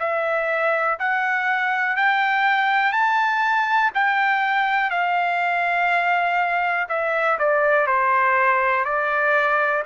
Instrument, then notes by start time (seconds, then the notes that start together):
trumpet
0.00 E5
0.99 F#5
1.96 G5
2.93 A5
3.95 G5
4.90 F5
6.89 E5
7.39 D5
7.87 C5
8.85 D5